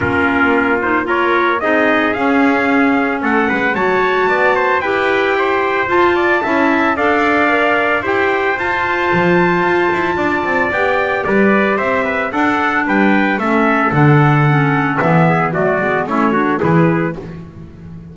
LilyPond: <<
  \new Staff \with { instrumentName = "trumpet" } { \time 4/4 \tempo 4 = 112 ais'4. c''8 cis''4 dis''4 | f''2 fis''4 a''4~ | a''4 g''2 a''4~ | a''4 f''2 g''4 |
a''1 | g''4 d''4 e''4 fis''4 | g''4 e''4 fis''2 | e''4 d''4 cis''4 b'4 | }
  \new Staff \with { instrumentName = "trumpet" } { \time 4/4 f'2 ais'4 gis'4~ | gis'2 a'8 b'8 cis''4 | d''8 c''8 b'4 c''4. d''8 | e''4 d''2 c''4~ |
c''2. d''4~ | d''4 b'4 c''8 b'8 a'4 | b'4 a'2.~ | a'8 gis'8 fis'4 e'8 fis'8 gis'4 | }
  \new Staff \with { instrumentName = "clarinet" } { \time 4/4 cis'4. dis'8 f'4 dis'4 | cis'2. fis'4~ | fis'4 g'2 f'4 | e'4 a'4 ais'4 g'4 |
f'1 | g'2. d'4~ | d'4 cis'4 d'4 cis'4 | b4 a8 b8 cis'8 d'8 e'4 | }
  \new Staff \with { instrumentName = "double bass" } { \time 4/4 ais2. c'4 | cis'2 a8 gis8 fis4 | b4 e'2 f'4 | cis'4 d'2 e'4 |
f'4 f4 f'8 e'8 d'8 c'8 | b4 g4 c'4 d'4 | g4 a4 d2 | e4 fis8 gis8 a4 e4 | }
>>